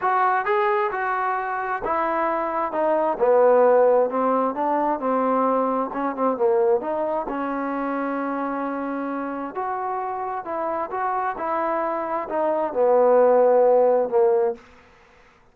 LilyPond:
\new Staff \with { instrumentName = "trombone" } { \time 4/4 \tempo 4 = 132 fis'4 gis'4 fis'2 | e'2 dis'4 b4~ | b4 c'4 d'4 c'4~ | c'4 cis'8 c'8 ais4 dis'4 |
cis'1~ | cis'4 fis'2 e'4 | fis'4 e'2 dis'4 | b2. ais4 | }